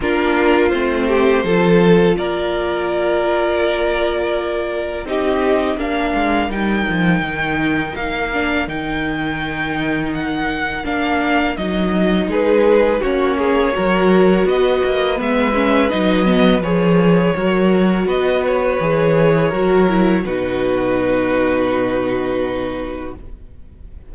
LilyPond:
<<
  \new Staff \with { instrumentName = "violin" } { \time 4/4 \tempo 4 = 83 ais'4 c''2 d''4~ | d''2. dis''4 | f''4 g''2 f''4 | g''2 fis''4 f''4 |
dis''4 b'4 cis''2 | dis''4 e''4 dis''4 cis''4~ | cis''4 dis''8 cis''2~ cis''8 | b'1 | }
  \new Staff \with { instrumentName = "violin" } { \time 4/4 f'4. g'8 a'4 ais'4~ | ais'2. g'4 | ais'1~ | ais'1~ |
ais'4 gis'4 fis'8 gis'8 ais'4 | b'1 | ais'4 b'2 ais'4 | fis'1 | }
  \new Staff \with { instrumentName = "viola" } { \time 4/4 d'4 c'4 f'2~ | f'2. dis'4 | d'4 dis'2~ dis'8 d'8 | dis'2. d'4 |
dis'2 cis'4 fis'4~ | fis'4 b8 cis'8 dis'8 b8 gis'4 | fis'2 gis'4 fis'8 e'8 | dis'1 | }
  \new Staff \with { instrumentName = "cello" } { \time 4/4 ais4 a4 f4 ais4~ | ais2. c'4 | ais8 gis8 g8 f8 dis4 ais4 | dis2. ais4 |
fis4 gis4 ais4 fis4 | b8 ais8 gis4 fis4 f4 | fis4 b4 e4 fis4 | b,1 | }
>>